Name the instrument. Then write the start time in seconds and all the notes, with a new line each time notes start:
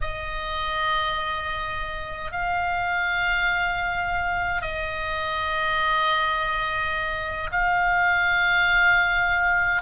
oboe
0.01 D#5
2.31 F5
4.61 D#5
7.51 F5